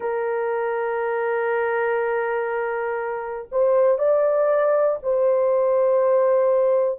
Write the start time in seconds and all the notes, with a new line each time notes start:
0.00 A#4
3.51 C5
3.98 D5
5.02 C5